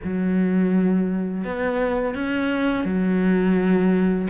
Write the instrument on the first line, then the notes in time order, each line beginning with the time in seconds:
cello
0.04 F#3
1.44 B3
2.14 C#4
2.84 F#3